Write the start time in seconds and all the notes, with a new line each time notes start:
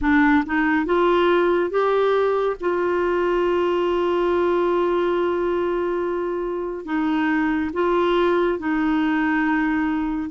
0.01 D4
0.46 D#4
0.85 F4
1.70 G4
2.60 F4
6.85 D#4
7.73 F4
8.58 D#4